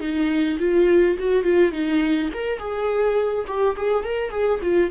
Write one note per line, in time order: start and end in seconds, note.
0.00 0.58 D#4
0.59 1.17 F4
1.19 1.43 F#4
1.43 1.72 F4
1.72 2.30 D#4
2.33 2.59 A#4
2.59 3.45 G#4
3.47 3.76 G4
3.76 4.04 G#4
4.04 4.30 A#4
4.30 4.59 G#4
4.62 4.91 F4